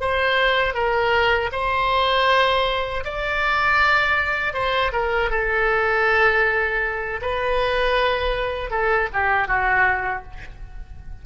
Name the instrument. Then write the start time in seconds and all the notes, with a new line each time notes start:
oboe
0.00 C5
0.74 A#4
1.52 C5
3.04 D5
4.54 C5
4.92 A#4
5.30 A4
7.21 B4
8.70 A4
9.13 G4
9.47 F#4